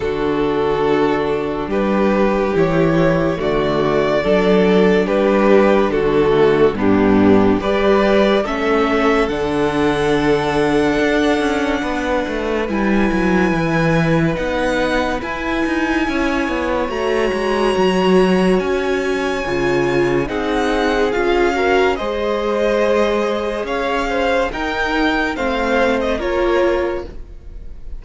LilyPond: <<
  \new Staff \with { instrumentName = "violin" } { \time 4/4 \tempo 4 = 71 a'2 b'4 cis''4 | d''2 b'4 a'4 | g'4 d''4 e''4 fis''4~ | fis''2. gis''4~ |
gis''4 fis''4 gis''2 | ais''2 gis''2 | fis''4 f''4 dis''2 | f''4 g''4 f''8. dis''16 cis''4 | }
  \new Staff \with { instrumentName = "violin" } { \time 4/4 fis'2 g'2 | fis'4 a'4 g'4 fis'4 | d'4 b'4 a'2~ | a'2 b'2~ |
b'2. cis''4~ | cis''1 | gis'4. ais'8 c''2 | cis''8 c''8 ais'4 c''4 ais'4 | }
  \new Staff \with { instrumentName = "viola" } { \time 4/4 d'2. e'4 | a4 d'2~ d'8 a8 | b4 g'4 cis'4 d'4~ | d'2. e'4~ |
e'4 dis'4 e'2 | fis'2. f'4 | dis'4 f'8 fis'8 gis'2~ | gis'4 dis'4 c'4 f'4 | }
  \new Staff \with { instrumentName = "cello" } { \time 4/4 d2 g4 e4 | d4 fis4 g4 d4 | g,4 g4 a4 d4~ | d4 d'8 cis'8 b8 a8 g8 fis8 |
e4 b4 e'8 dis'8 cis'8 b8 | a8 gis8 fis4 cis'4 cis4 | c'4 cis'4 gis2 | cis'4 dis'4 a4 ais4 | }
>>